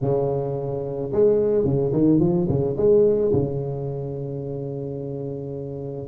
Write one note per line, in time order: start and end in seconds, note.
0.01 1.11 C#3
1.12 1.64 G#3
1.64 1.92 C#3
1.92 2.19 D#3
2.19 2.47 F3
2.48 2.76 C#3
2.76 3.32 G#3
3.32 6.08 C#3